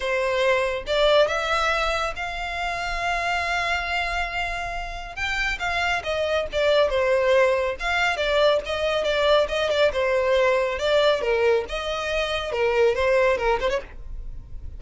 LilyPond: \new Staff \with { instrumentName = "violin" } { \time 4/4 \tempo 4 = 139 c''2 d''4 e''4~ | e''4 f''2.~ | f''1 | g''4 f''4 dis''4 d''4 |
c''2 f''4 d''4 | dis''4 d''4 dis''8 d''8 c''4~ | c''4 d''4 ais'4 dis''4~ | dis''4 ais'4 c''4 ais'8 c''16 cis''16 | }